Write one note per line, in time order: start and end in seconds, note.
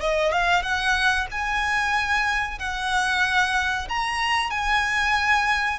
0.00 0.32 D#5
0.32 0.62 F5
0.62 1.27 F#5
1.31 2.59 G#5
2.59 3.88 F#5
3.89 4.50 A#5
4.50 5.79 G#5